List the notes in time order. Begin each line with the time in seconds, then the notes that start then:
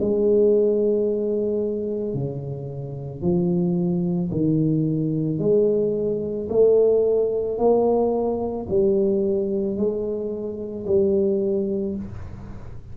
0.00 G#3
2.14 C#3
3.21 F3
4.31 D#3
5.39 G#3
6.49 A3
7.58 A#3
8.69 G3
9.76 G#3
10.86 G3